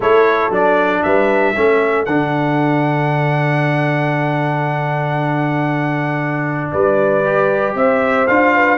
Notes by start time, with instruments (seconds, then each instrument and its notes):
0.00 tuba A3, trombone E4, horn A4, trumpet C#5
0.50 tuba F#3, trombone D4, trumpet D5
1.03 tuba G3, horn B4, trumpet E5
1.55 tuba A3, trombone C#4, horn A4
2.05 tuba D3, trombone D4, trumpet F#5
6.71 tuba G3, horn B4, trumpet D5
7.24 trombone G4
7.74 tuba C4, horn C5, trumpet E5
8.27 tuba D4, trombone F4, trumpet F5
8.54 horn B4